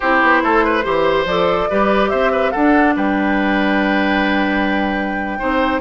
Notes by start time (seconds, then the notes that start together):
0.00 C4 E4 G4 C5
0.21 B3
0.42 A3 A4
0.64 B4
0.83 E3 G4 C5
1.25 F3 A4 D5
1.70 G3 G4 B4
2.09 C4 C5 E5
2.32 B4
2.51 D4 A4 F#5
2.96 G3 B4 G5
5.38 C4 D#4 C5